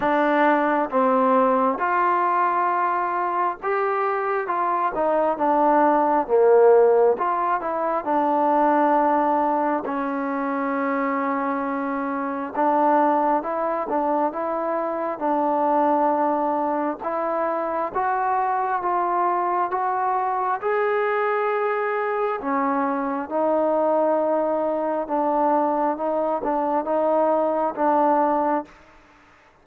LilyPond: \new Staff \with { instrumentName = "trombone" } { \time 4/4 \tempo 4 = 67 d'4 c'4 f'2 | g'4 f'8 dis'8 d'4 ais4 | f'8 e'8 d'2 cis'4~ | cis'2 d'4 e'8 d'8 |
e'4 d'2 e'4 | fis'4 f'4 fis'4 gis'4~ | gis'4 cis'4 dis'2 | d'4 dis'8 d'8 dis'4 d'4 | }